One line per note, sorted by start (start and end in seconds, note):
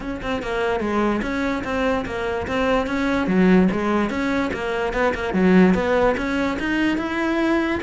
0.00 0.21 C#4
0.21 0.42 C4
0.42 0.80 A#3
0.80 1.21 G#3
1.22 1.63 C#4
1.64 2.05 C4
2.05 2.47 A#3
2.47 2.86 C4
2.86 3.27 C#4
3.27 3.68 F#3
3.71 4.09 G#3
4.09 4.51 C#4
4.53 4.93 A#3
4.93 5.13 B3
5.14 5.33 A#3
5.33 5.74 F#3
5.74 6.15 B3
6.17 6.58 C#4
6.59 6.97 D#4
6.97 7.79 E4